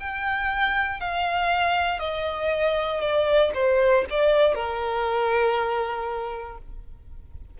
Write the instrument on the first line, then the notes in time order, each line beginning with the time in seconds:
violin
0.00 G5
1.00 F5
1.99 D#5
3.01 D5
3.55 C5
4.10 D5
4.54 A#4